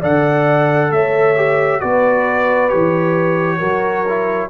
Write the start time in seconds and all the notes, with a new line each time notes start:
0.00 D3 A4 D5 F#5
0.91 A3 C#5 E5
1.36 G4
1.80 B3 F#4 B4 D5
2.68 E3 G4 C#5
3.58 F#3 F#4 A#4
4.08 E4